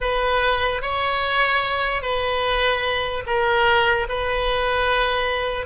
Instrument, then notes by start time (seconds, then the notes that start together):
oboe
0.00 B4
0.81 C#5
2.02 B4
3.26 A#4
4.08 B4